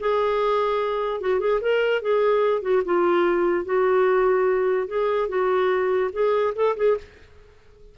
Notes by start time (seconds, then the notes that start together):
0.00 G#4
1.21 F#4
1.40 G#4
1.61 A#4
2.02 G#4
2.62 F#4
2.85 F4
3.65 F#4
4.88 G#4
5.29 F#4
6.13 G#4
6.55 A4
6.77 G#4